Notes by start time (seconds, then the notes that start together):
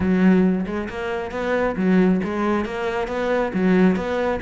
0.00 F#3
0.66 G#3
0.89 A#3
1.31 B3
1.76 F#3
2.24 G#3
2.65 A#3
3.07 B3
3.53 F#3
3.95 B3